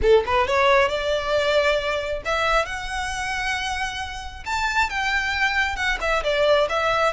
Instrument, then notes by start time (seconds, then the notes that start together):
violin
0.01 A4
0.25 B4
0.47 C#5
0.88 D5
2.25 E5
2.65 F#5
4.45 A5
4.89 G5
5.76 F#5
6.01 E5
6.23 D5
6.69 E5